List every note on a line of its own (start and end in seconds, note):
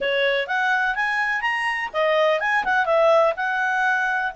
0.00 0.47 C#5
0.47 0.95 F#5
0.95 1.41 G#5
1.41 1.89 A#5
1.93 2.40 D#5
2.40 2.64 G#5
2.64 2.85 F#5
2.85 3.33 E5
3.36 4.32 F#5